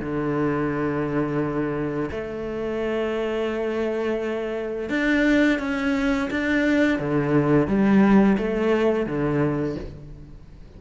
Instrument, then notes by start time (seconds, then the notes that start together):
cello
0.00 D3
2.11 A3
4.89 D4
5.59 C#4
6.30 D4
6.99 D3
7.67 G3
8.38 A3
9.06 D3